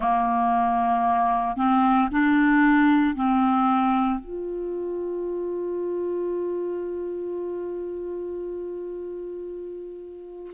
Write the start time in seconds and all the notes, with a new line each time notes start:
0.00 A#3
1.56 C4
2.11 D4
3.15 C4
4.20 F4